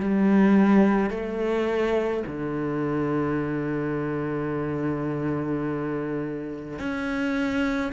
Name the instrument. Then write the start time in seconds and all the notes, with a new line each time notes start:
cello
0.00 G3
1.10 A3
2.27 D3
6.79 C#4